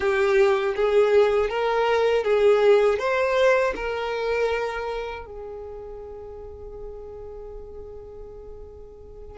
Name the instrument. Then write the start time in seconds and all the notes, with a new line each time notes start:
violin
0.00 G4
0.75 G#4
1.49 A#4
2.24 G#4
2.98 C5
3.75 A#4
5.25 G#4